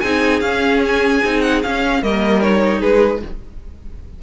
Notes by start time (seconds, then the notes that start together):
0.00 C4 D#4 G#4 G#5
0.40 C#4 F5
0.85 G#5
1.24 C4 D#4
1.41 F#5
1.63 C#4 F5
2.02 G3 A#3 A#4 D#5
2.41 D#4 C#5
2.79 G#3 G#4 B4